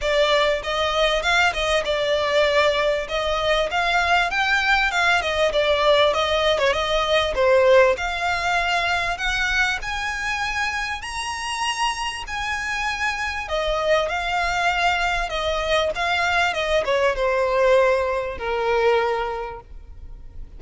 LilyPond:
\new Staff \with { instrumentName = "violin" } { \time 4/4 \tempo 4 = 98 d''4 dis''4 f''8 dis''8 d''4~ | d''4 dis''4 f''4 g''4 | f''8 dis''8 d''4 dis''8. cis''16 dis''4 | c''4 f''2 fis''4 |
gis''2 ais''2 | gis''2 dis''4 f''4~ | f''4 dis''4 f''4 dis''8 cis''8 | c''2 ais'2 | }